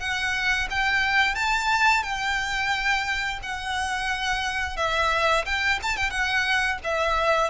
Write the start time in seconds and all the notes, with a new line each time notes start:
0.00 F#5
0.70 G5
1.35 A5
2.03 G5
3.43 F#5
4.77 E5
5.46 G5
5.83 A5
5.97 G5
6.11 F#5
6.84 E5